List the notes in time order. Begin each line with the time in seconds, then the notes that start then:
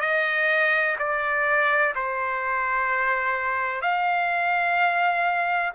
0.00 D#5
0.98 D5
1.95 C5
3.81 F5